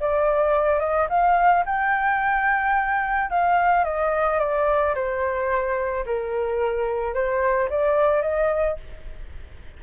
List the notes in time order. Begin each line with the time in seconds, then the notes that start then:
0.00 D5
0.79 D#5
1.09 F5
1.66 G5
3.30 F5
3.84 D#5
4.39 D5
4.95 C5
6.06 A#4
7.14 C5
7.69 D5
8.22 D#5